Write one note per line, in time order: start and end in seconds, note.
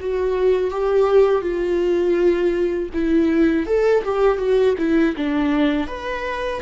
0.00 0.70 F#4
0.70 1.41 G4
1.41 2.90 F4
2.94 3.66 E4
3.66 4.03 A4
4.04 4.38 G4
4.38 4.75 F#4
4.78 5.15 E4
5.16 5.87 D4
5.87 6.61 B4